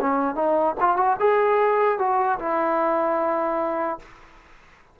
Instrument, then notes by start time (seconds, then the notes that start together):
trombone
0.00 C#4
0.35 D#4
0.80 F4
0.96 F#4
1.19 G#4
1.99 F#4
2.39 E4